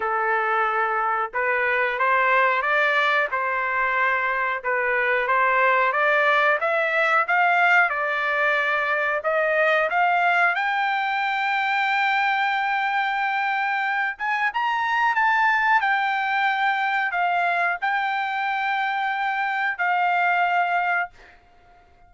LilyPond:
\new Staff \with { instrumentName = "trumpet" } { \time 4/4 \tempo 4 = 91 a'2 b'4 c''4 | d''4 c''2 b'4 | c''4 d''4 e''4 f''4 | d''2 dis''4 f''4 |
g''1~ | g''4. gis''8 ais''4 a''4 | g''2 f''4 g''4~ | g''2 f''2 | }